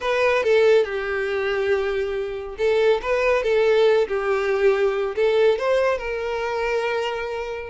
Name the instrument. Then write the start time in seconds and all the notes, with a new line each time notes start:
violin
0.01 B4
0.43 A4
0.84 G4
2.58 A4
3.01 B4
3.43 A4
4.08 G4
5.15 A4
5.58 C5
5.98 A#4